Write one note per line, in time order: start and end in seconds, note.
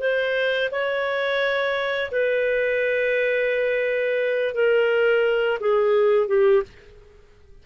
0.00 0.70 C5
0.72 2.11 C#5
2.12 4.54 B4
4.54 5.59 A#4
5.60 6.28 G#4
6.28 6.63 G4